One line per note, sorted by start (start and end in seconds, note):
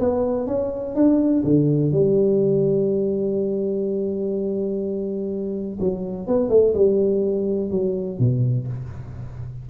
0.00 0.47 B3
0.47 0.96 C#4
0.96 1.44 D4
1.45 1.92 D3
1.92 5.79 G3
5.80 6.27 F#3
6.27 6.50 B3
6.50 6.74 A3
6.74 7.71 G3
7.71 8.19 F#3
8.19 8.68 B2